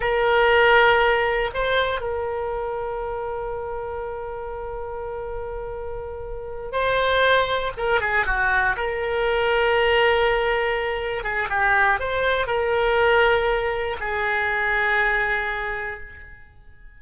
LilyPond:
\new Staff \with { instrumentName = "oboe" } { \time 4/4 \tempo 4 = 120 ais'2. c''4 | ais'1~ | ais'1~ | ais'4. c''2 ais'8 |
gis'8 fis'4 ais'2~ ais'8~ | ais'2~ ais'8 gis'8 g'4 | c''4 ais'2. | gis'1 | }